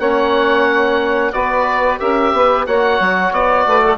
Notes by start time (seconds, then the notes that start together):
0.00 A#3 C#4 C#5 F#5
1.33 B3 F#4 B4 D5
2.00 C#4 G4 A#4 E5
2.33 B3 B4
2.67 A#3 F#4 C#5 F#5
3.00 F#3
3.32 B3 D5
3.67 A3 B4
3.85 A4